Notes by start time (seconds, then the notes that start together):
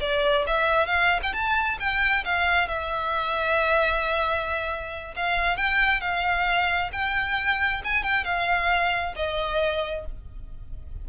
0.00 D5
0.47 E5
0.86 F5
1.23 G5
1.33 A5
1.79 G5
2.24 F5
2.68 E5
5.16 F5
5.57 G5
6.01 F5
6.92 G5
7.84 G#5
8.03 G5
8.24 F5
9.16 D#5